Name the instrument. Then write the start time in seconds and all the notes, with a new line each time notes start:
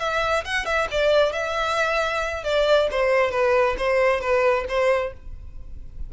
violin
0.00 E5
0.45 F#5
0.66 E5
0.91 D5
1.33 E5
2.44 D5
2.91 C5
3.32 B4
3.78 C5
4.21 B4
4.69 C5